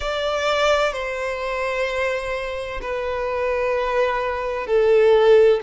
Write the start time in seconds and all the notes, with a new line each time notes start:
0.00 D5
0.92 C5
2.81 B4
4.66 A4